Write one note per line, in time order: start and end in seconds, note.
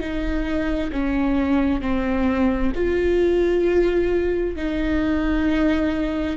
0.00 0.91 D#4
0.92 1.81 C#4
1.81 2.72 C4
2.75 4.56 F4
4.56 6.37 D#4